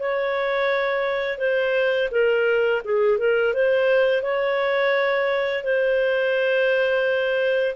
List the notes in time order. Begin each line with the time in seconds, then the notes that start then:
0.00 C#5
1.39 C5
2.12 A#4
2.85 G#4
3.19 A#4
3.54 C5
4.23 C#5
5.64 C5